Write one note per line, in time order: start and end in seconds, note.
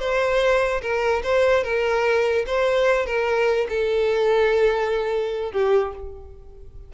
0.00 0.82 C5
0.82 1.23 A#4
1.24 1.64 C5
1.64 2.46 A#4
2.47 3.06 C5
3.06 3.68 A#4
3.70 5.53 A4
5.53 5.93 G4